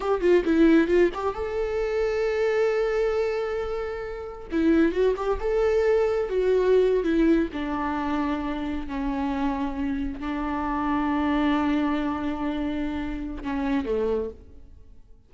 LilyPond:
\new Staff \with { instrumentName = "viola" } { \time 4/4 \tempo 4 = 134 g'8 f'8 e'4 f'8 g'8 a'4~ | a'1~ | a'2 e'4 fis'8 g'8 | a'2 fis'4.~ fis'16 e'16~ |
e'8. d'2. cis'16~ | cis'2~ cis'8. d'4~ d'16~ | d'1~ | d'2 cis'4 a4 | }